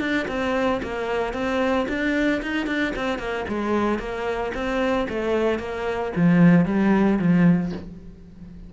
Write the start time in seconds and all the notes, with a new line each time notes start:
0.00 D4
0.28 C4
0.83 A#3
1.33 C4
1.88 D4
2.42 D#4
2.66 D4
2.96 C4
3.19 A#3
3.48 G#3
3.99 A#3
4.54 C4
5.09 A3
5.59 A#3
6.16 F3
6.66 G3
7.19 F3